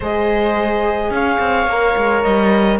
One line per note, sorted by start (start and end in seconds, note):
0.00 1.10 G#3
0.00 1.69 G#4
0.00 1.11 C5
0.00 1.14 D#5
1.10 1.38 C#4
1.10 2.79 C#5
1.10 2.22 F5
1.39 1.67 C4
1.67 1.95 A#3
1.67 2.79 A#4
1.96 2.24 G#3
2.22 2.79 G3
2.22 2.79 D#5